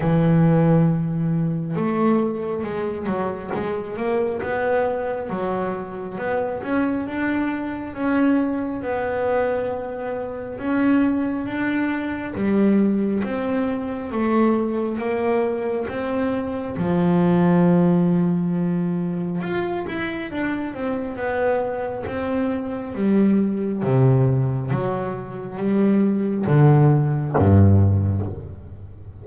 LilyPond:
\new Staff \with { instrumentName = "double bass" } { \time 4/4 \tempo 4 = 68 e2 a4 gis8 fis8 | gis8 ais8 b4 fis4 b8 cis'8 | d'4 cis'4 b2 | cis'4 d'4 g4 c'4 |
a4 ais4 c'4 f4~ | f2 f'8 e'8 d'8 c'8 | b4 c'4 g4 c4 | fis4 g4 d4 g,4 | }